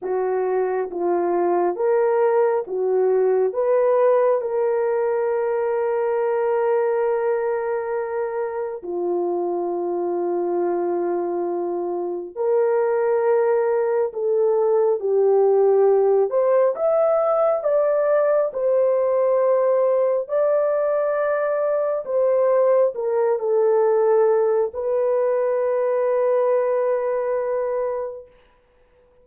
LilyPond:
\new Staff \with { instrumentName = "horn" } { \time 4/4 \tempo 4 = 68 fis'4 f'4 ais'4 fis'4 | b'4 ais'2.~ | ais'2 f'2~ | f'2 ais'2 |
a'4 g'4. c''8 e''4 | d''4 c''2 d''4~ | d''4 c''4 ais'8 a'4. | b'1 | }